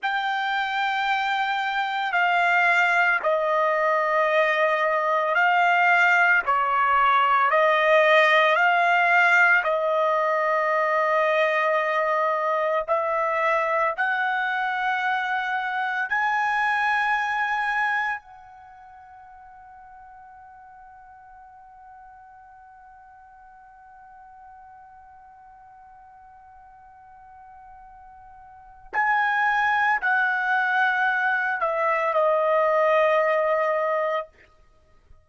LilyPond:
\new Staff \with { instrumentName = "trumpet" } { \time 4/4 \tempo 4 = 56 g''2 f''4 dis''4~ | dis''4 f''4 cis''4 dis''4 | f''4 dis''2. | e''4 fis''2 gis''4~ |
gis''4 fis''2.~ | fis''1~ | fis''2. gis''4 | fis''4. e''8 dis''2 | }